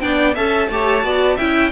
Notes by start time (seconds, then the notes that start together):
0.00 B3 D4 D5 G5
0.34 C#4 A4 E5 A5
0.69 A3 G4 C#5
1.02 B3 F#4 D5
1.36 C#4 E4 E5 G5